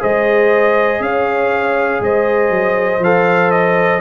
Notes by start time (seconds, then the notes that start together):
0.00 G#3 G#4 C5 D#5
1.00 C#4 C#5 F5
2.01 G#3 C5 D#5
2.50 F#3
3.00 F3 A4 F5
3.51 D#5